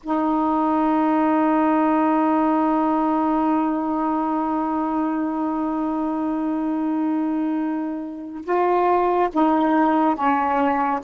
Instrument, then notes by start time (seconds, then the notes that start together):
saxophone
0.03 D#4
8.44 F4
9.33 D#4
10.15 C#4